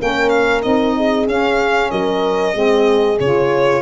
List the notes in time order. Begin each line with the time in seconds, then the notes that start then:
0.00 A#3 C#4 A#4 G5
0.30 F5
0.63 C4 D#4 D#5
0.96 G#4
1.27 C#4 F5
1.91 F#3 A#4 D#5
2.54 G#3 C4 G#4
3.20 C#3 F4 C#5